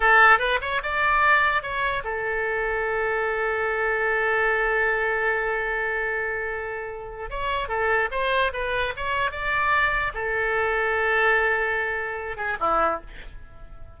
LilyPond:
\new Staff \with { instrumentName = "oboe" } { \time 4/4 \tempo 4 = 148 a'4 b'8 cis''8 d''2 | cis''4 a'2.~ | a'1~ | a'1~ |
a'2 cis''4 a'4 | c''4 b'4 cis''4 d''4~ | d''4 a'2.~ | a'2~ a'8 gis'8 e'4 | }